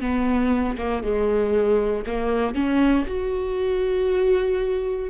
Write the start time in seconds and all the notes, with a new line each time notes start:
0.00 B3
0.77 A#3
1.03 G#3
2.06 A#3
2.54 C#4
3.06 F#4